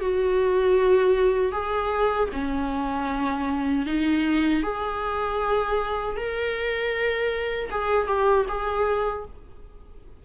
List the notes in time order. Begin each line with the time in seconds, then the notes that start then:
0.00 F#4
1.52 G#4
2.33 C#4
3.86 D#4
4.63 G#4
6.16 A#4
7.71 G#4
8.07 G4
8.48 G#4